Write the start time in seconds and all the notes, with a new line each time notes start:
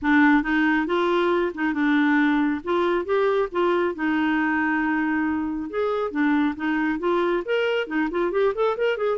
0.01 D4
0.42 D#4
0.86 F4
1.54 D#4
1.73 D4
2.64 F4
3.05 G4
3.51 F4
3.94 D#4
5.70 G#4
6.11 D4
6.56 D#4
6.99 F4
7.45 A#4
7.87 D#4
8.11 F4
8.31 G4
8.54 A4
8.77 A#4
8.97 G#4